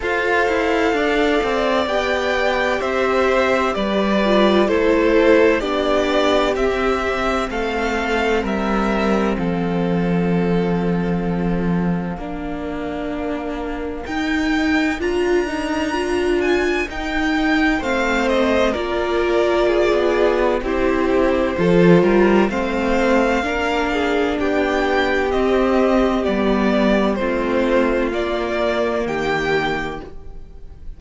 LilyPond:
<<
  \new Staff \with { instrumentName = "violin" } { \time 4/4 \tempo 4 = 64 f''2 g''4 e''4 | d''4 c''4 d''4 e''4 | f''4 e''4 f''2~ | f''2. g''4 |
ais''4. gis''8 g''4 f''8 dis''8 | d''2 c''2 | f''2 g''4 dis''4 | d''4 c''4 d''4 g''4 | }
  \new Staff \with { instrumentName = "violin" } { \time 4/4 c''4 d''2 c''4 | b'4 a'4 g'2 | a'4 ais'4 a'2~ | a'4 ais'2.~ |
ais'2. c''4 | ais'4 gis'4 g'4 a'8 ais'8 | c''4 ais'8 gis'8 g'2~ | g'4 f'2 g'4 | }
  \new Staff \with { instrumentName = "viola" } { \time 4/4 a'2 g'2~ | g'8 f'8 e'4 d'4 c'4~ | c'1~ | c'4 d'2 dis'4 |
f'8 dis'8 f'4 dis'4 c'4 | f'2 e'4 f'4 | c'4 d'2 c'4 | b4 c'4 ais2 | }
  \new Staff \with { instrumentName = "cello" } { \time 4/4 f'8 e'8 d'8 c'8 b4 c'4 | g4 a4 b4 c'4 | a4 g4 f2~ | f4 ais2 dis'4 |
d'2 dis'4 a4 | ais4~ ais16 b8. c'4 f8 g8 | a4 ais4 b4 c'4 | g4 a4 ais4 dis4 | }
>>